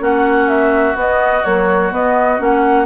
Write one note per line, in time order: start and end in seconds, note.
0.00 0.95 A#3
0.00 0.95 C#4
0.00 2.86 F#4
0.00 0.49 F#5
0.49 0.97 E5
0.95 1.43 B3
0.95 1.45 D#5
1.44 1.92 F#3
1.44 1.92 A#3
1.44 1.92 C#5
1.92 2.39 B3
1.92 2.40 B3
1.92 2.42 D#5
2.39 2.86 A#3
2.39 2.86 C#4
2.39 2.86 F#5